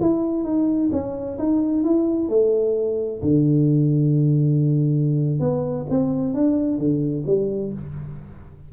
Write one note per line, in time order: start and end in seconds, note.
0.00 0.44 E4
0.44 0.90 D#4
0.91 1.38 C#4
1.38 1.83 D#4
1.83 2.28 E4
2.28 3.21 A3
3.22 5.39 D3
5.39 5.86 B3
5.89 6.34 C4
6.34 6.77 D4
6.77 7.24 D3
7.26 7.72 G3